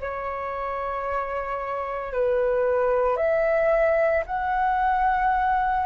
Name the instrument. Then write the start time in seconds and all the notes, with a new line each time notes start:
flute
0.00 C#5
2.12 B4
3.17 E5
4.26 F#5